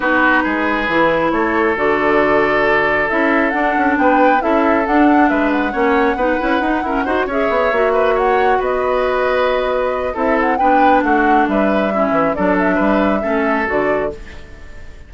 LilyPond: <<
  \new Staff \with { instrumentName = "flute" } { \time 4/4 \tempo 4 = 136 b'2. cis''4 | d''2. e''4 | fis''4 g''4 e''4 fis''4 | e''8 fis''2.~ fis''8~ |
fis''8 e''2 fis''4 dis''8~ | dis''2. e''8 fis''8 | g''4 fis''4 e''2 | d''8 e''2~ e''8 d''4 | }
  \new Staff \with { instrumentName = "oboe" } { \time 4/4 fis'4 gis'2 a'4~ | a'1~ | a'4 b'4 a'2 | b'4 cis''4 b'4. ais'8 |
c''8 cis''4. b'8 cis''4 b'8~ | b'2. a'4 | b'4 fis'4 b'4 e'4 | a'4 b'4 a'2 | }
  \new Staff \with { instrumentName = "clarinet" } { \time 4/4 dis'2 e'2 | fis'2. e'4 | d'2 e'4 d'4~ | d'4 cis'4 dis'8 e'8 dis'8 cis'8 |
fis'8 gis'4 fis'2~ fis'8~ | fis'2. e'4 | d'2. cis'4 | d'2 cis'4 fis'4 | }
  \new Staff \with { instrumentName = "bassoon" } { \time 4/4 b4 gis4 e4 a4 | d2. cis'4 | d'8 cis'8 b4 cis'4 d'4 | gis4 ais4 b8 cis'8 dis'8 e'8 |
dis'8 cis'8 b8 ais2 b8~ | b2. c'4 | b4 a4 g4. e8 | fis4 g4 a4 d4 | }
>>